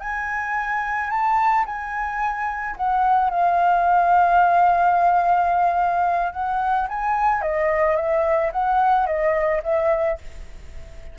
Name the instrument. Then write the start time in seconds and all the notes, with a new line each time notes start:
flute
0.00 G#5
1.10 A5
1.66 G#5
2.76 F#5
3.30 F5
6.33 F#5
6.88 G#5
7.42 D#5
7.96 E5
8.52 F#5
9.07 D#5
9.63 E5